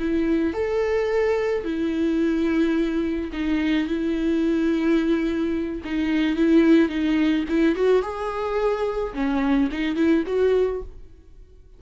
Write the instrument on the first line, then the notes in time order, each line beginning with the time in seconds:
viola
0.00 E4
0.54 A4
1.65 E4
3.33 D#4
3.88 E4
5.85 D#4
6.36 E4
6.89 D#4
7.49 E4
7.76 F#4
8.03 G#4
9.14 C#4
9.72 D#4
9.96 E4
10.27 F#4